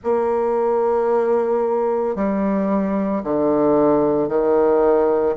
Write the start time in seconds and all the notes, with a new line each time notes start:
0.03 A#3
2.15 G3
3.23 D3
4.28 D#3